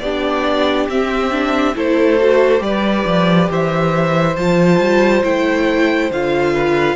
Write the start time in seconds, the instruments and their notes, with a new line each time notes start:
0.00 cello B3, viola D4, violin G4 D5
0.89 cello C4, viola C4, violin E5
1.32 viola D4
1.75 cello A3, viola E4, violin A4 C5
2.20 viola F#4
2.59 cello G3, viola G4, violin D5
2.65 violin B4
3.06 cello F3
3.51 cello E3, violin C5 E5
4.37 cello F3, viola F4, violin A5
4.80 cello G3
5.24 cello A3, viola E4, violin G5
6.11 cello D3, viola F4, violin F5
6.54 violin B4